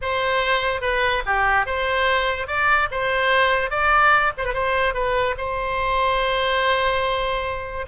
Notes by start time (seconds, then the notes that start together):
0.01 C5
0.81 B4
1.25 G4
1.66 C5
2.47 D5
2.91 C5
3.70 D5
4.37 C5
4.44 B4
4.53 C5
4.94 B4
5.37 C5